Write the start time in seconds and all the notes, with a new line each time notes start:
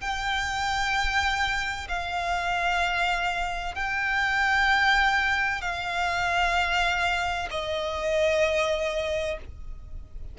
0.00 G5
1.88 F5
3.75 G5
5.61 F5
7.50 D#5